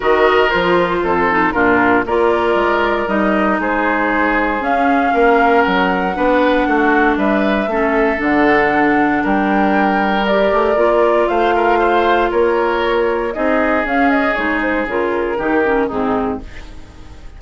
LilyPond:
<<
  \new Staff \with { instrumentName = "flute" } { \time 4/4 \tempo 4 = 117 dis''4 c''2 ais'4 | d''2 dis''4 c''4~ | c''4 f''2 fis''4~ | fis''2 e''2 |
fis''2 g''2 | d''2 f''2 | cis''2 dis''4 f''8 dis''8 | cis''8 c''8 ais'2 gis'4 | }
  \new Staff \with { instrumentName = "oboe" } { \time 4/4 ais'2 a'4 f'4 | ais'2. gis'4~ | gis'2 ais'2 | b'4 fis'4 b'4 a'4~ |
a'2 ais'2~ | ais'2 c''8 ais'8 c''4 | ais'2 gis'2~ | gis'2 g'4 dis'4 | }
  \new Staff \with { instrumentName = "clarinet" } { \time 4/4 fis'4 f'4. dis'8 d'4 | f'2 dis'2~ | dis'4 cis'2. | d'2. cis'4 |
d'1 | g'4 f'2.~ | f'2 dis'4 cis'4 | dis'4 f'4 dis'8 cis'8 c'4 | }
  \new Staff \with { instrumentName = "bassoon" } { \time 4/4 dis4 f4 f,4 ais,4 | ais4 gis4 g4 gis4~ | gis4 cis'4 ais4 fis4 | b4 a4 g4 a4 |
d2 g2~ | g8 a8 ais4 a2 | ais2 c'4 cis'4 | gis4 cis4 dis4 gis,4 | }
>>